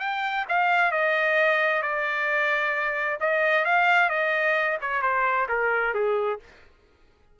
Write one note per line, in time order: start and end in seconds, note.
0.00 0.45 G5
0.49 0.91 F5
0.91 1.82 D#5
1.82 3.19 D5
3.20 3.65 D#5
3.65 4.10 F5
4.10 4.78 D#5
4.82 5.02 C#5
5.02 5.47 C5
5.49 5.94 A#4
5.94 6.40 G#4